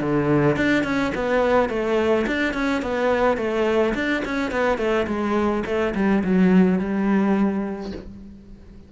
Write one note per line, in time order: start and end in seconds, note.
0.00 0.56 D3
0.56 0.83 D4
0.83 1.12 C#4
1.14 1.69 B3
1.69 2.25 A3
2.27 2.53 D4
2.53 2.81 C#4
2.82 3.37 B3
3.37 3.93 A3
3.94 4.22 D4
4.25 4.51 C#4
4.51 4.78 B3
4.78 5.06 A3
5.07 5.63 G#3
5.66 5.94 A3
5.95 6.23 G3
6.24 6.79 F#3
6.79 7.92 G3